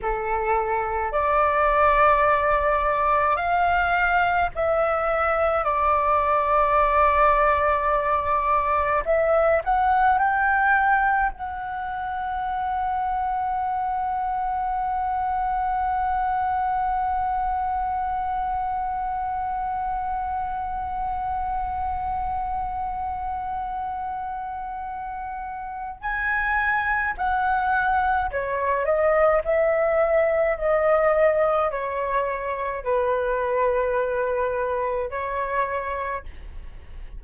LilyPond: \new Staff \with { instrumentName = "flute" } { \time 4/4 \tempo 4 = 53 a'4 d''2 f''4 | e''4 d''2. | e''8 fis''8 g''4 fis''2~ | fis''1~ |
fis''1~ | fis''2. gis''4 | fis''4 cis''8 dis''8 e''4 dis''4 | cis''4 b'2 cis''4 | }